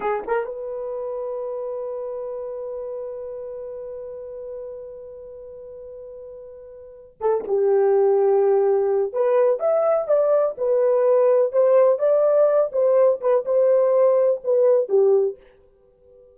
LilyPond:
\new Staff \with { instrumentName = "horn" } { \time 4/4 \tempo 4 = 125 gis'8 ais'8 b'2.~ | b'1~ | b'1~ | b'2. a'8 g'8~ |
g'2. b'4 | e''4 d''4 b'2 | c''4 d''4. c''4 b'8 | c''2 b'4 g'4 | }